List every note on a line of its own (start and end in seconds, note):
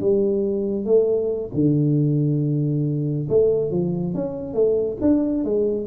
0.00 0.85 G3
0.85 1.50 A3
1.54 3.28 D3
3.28 3.70 A3
3.70 4.14 F3
4.14 4.54 C#4
4.54 4.97 A3
5.01 5.43 D4
5.43 5.87 G#3